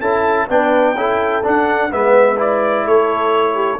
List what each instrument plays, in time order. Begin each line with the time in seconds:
0.00 tuba C#4, trombone E4, horn A4, trumpet A5
0.49 tuba B3, trombone D4, horn B4, trumpet G5
0.94 tuba C#4, trombone E4, horn A4
1.43 trombone D4, tuba D4, trumpet F#5
1.91 tuba G#3, trombone B3, horn B4, trumpet E5
2.36 trombone E4, trumpet D5
2.86 tuba A3, horn A4, trumpet C#5
3.55 horn G4